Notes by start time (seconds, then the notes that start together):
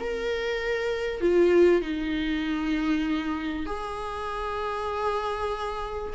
0.00 A#4
1.21 F4
1.82 D#4
3.66 G#4